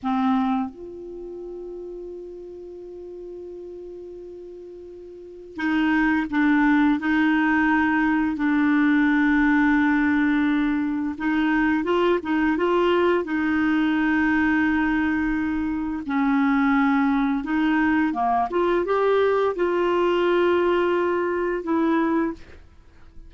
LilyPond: \new Staff \with { instrumentName = "clarinet" } { \time 4/4 \tempo 4 = 86 c'4 f'2.~ | f'1 | dis'4 d'4 dis'2 | d'1 |
dis'4 f'8 dis'8 f'4 dis'4~ | dis'2. cis'4~ | cis'4 dis'4 ais8 f'8 g'4 | f'2. e'4 | }